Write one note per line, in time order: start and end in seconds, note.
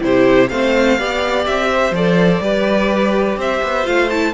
0.00 0.51 C3
0.00 0.48 E4
0.00 0.51 G4
0.00 0.48 C5
0.48 0.98 A3
0.48 0.98 C4
0.48 0.98 C5
0.48 1.45 F5
0.98 1.46 B3
0.98 1.94 G4
0.98 1.70 D5
1.46 1.91 C4
1.46 1.94 E5
1.71 2.42 C5
1.91 2.39 F3
1.91 2.42 A4
1.91 3.39 D5
2.40 3.36 G3
2.40 3.84 G4
2.40 3.38 B4
3.37 3.61 C4
3.37 4.33 C5
3.37 3.86 E5
3.62 3.86 B3
3.84 4.33 A3
3.84 4.08 F4
3.84 4.09 F5
4.09 4.33 E4
4.09 4.33 A5